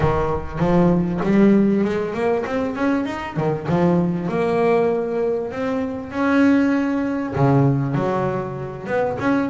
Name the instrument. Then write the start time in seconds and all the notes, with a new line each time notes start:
double bass
0.00 D#3
0.59 F3
1.23 G3
1.84 G#3
2.13 A#3
2.45 C4
2.75 C#4
3.05 D#4
3.36 D#3
3.68 F3
4.29 A#3
5.51 C4
6.11 C#4
7.35 C#3
7.95 F#3
8.86 B3
9.19 C#4